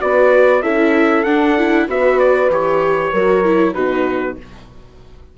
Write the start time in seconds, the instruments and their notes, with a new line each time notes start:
0.00 bassoon B3, viola F#4, horn B4, trumpet D5
0.62 bassoon C#4, viola E4, horn A4, trumpet E5
1.24 bassoon D4, viola D4, trumpet F#5
1.58 viola E4
1.88 bassoon B3, viola F#4, horn B4, trumpet E5
2.19 trumpet D5
2.50 bassoon E3, viola G4, trumpet C#5
3.13 bassoon F#3, viola F#4, horn A#4
3.45 viola E4
3.74 bassoon B2, viola D#4, horn F#4, trumpet B4